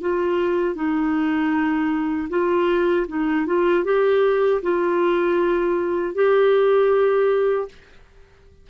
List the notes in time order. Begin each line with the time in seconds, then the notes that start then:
0.00 F4
0.74 D#4
2.29 F4
3.07 D#4
3.45 F4
3.84 G4
4.62 F4
6.14 G4